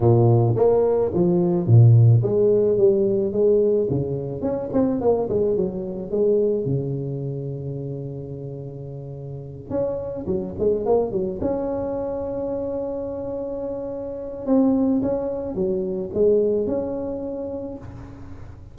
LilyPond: \new Staff \with { instrumentName = "tuba" } { \time 4/4 \tempo 4 = 108 ais,4 ais4 f4 ais,4 | gis4 g4 gis4 cis4 | cis'8 c'8 ais8 gis8 fis4 gis4 | cis1~ |
cis4. cis'4 fis8 gis8 ais8 | fis8 cis'2.~ cis'8~ | cis'2 c'4 cis'4 | fis4 gis4 cis'2 | }